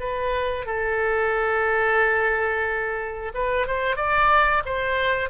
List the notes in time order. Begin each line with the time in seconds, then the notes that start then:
0.00 B4
0.66 A4
3.34 B4
3.67 C5
3.96 D5
4.66 C5